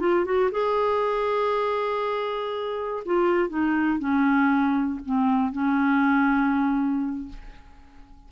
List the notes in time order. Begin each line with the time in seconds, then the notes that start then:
0.00 F4
0.25 F#4
0.52 G#4
3.06 F4
3.49 D#4
3.99 C#4
5.06 C4
5.52 C#4